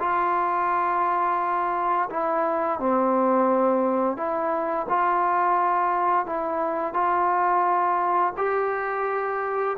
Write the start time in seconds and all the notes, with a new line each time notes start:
0.00 F4
2.11 E4
2.79 C4
4.17 E4
4.89 F4
6.26 E4
6.94 F4
8.38 G4